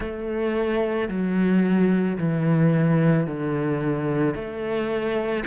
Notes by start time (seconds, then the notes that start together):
0.00 A3
1.08 F#3
2.18 E3
3.26 D3
4.34 A3